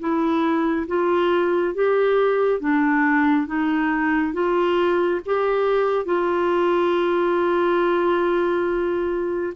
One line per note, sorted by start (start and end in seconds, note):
0.00 0.87 E4
0.88 1.75 F4
1.75 2.60 G4
2.60 3.47 D4
3.47 4.34 D#4
4.34 5.21 F4
5.26 6.06 G4
6.06 9.54 F4